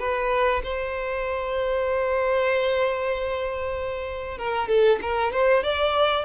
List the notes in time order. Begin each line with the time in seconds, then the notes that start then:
0.00 B4
0.64 C5
4.38 A#4
4.69 A4
5.03 A#4
5.33 C5
5.64 D5